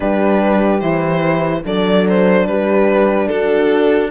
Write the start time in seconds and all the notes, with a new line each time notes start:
0.00 G3 D4 G4 B4
0.80 E3 E4 C5
1.65 F#3 D4 A4 D5
2.08 C5
2.46 G3 G4 B4
3.28 D4 F#4 A4